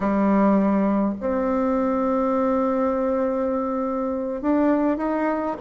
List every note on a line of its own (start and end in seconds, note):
0.00 1.14 G3
1.20 4.41 C4
4.41 4.97 D4
4.97 5.56 D#4